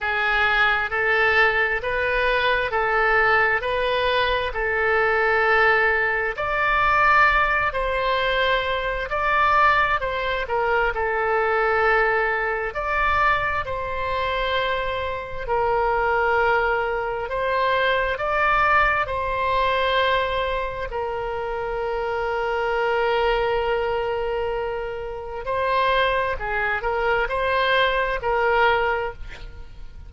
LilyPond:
\new Staff \with { instrumentName = "oboe" } { \time 4/4 \tempo 4 = 66 gis'4 a'4 b'4 a'4 | b'4 a'2 d''4~ | d''8 c''4. d''4 c''8 ais'8 | a'2 d''4 c''4~ |
c''4 ais'2 c''4 | d''4 c''2 ais'4~ | ais'1 | c''4 gis'8 ais'8 c''4 ais'4 | }